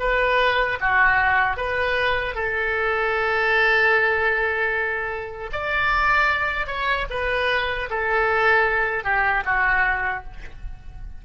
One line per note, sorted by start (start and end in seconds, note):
0.00 0.79 B4
0.81 1.58 F#4
1.58 2.35 B4
2.35 5.51 A4
5.53 6.67 D5
6.67 7.07 C#5
7.11 7.89 B4
7.91 9.05 A4
9.05 9.44 G4
9.46 10.25 F#4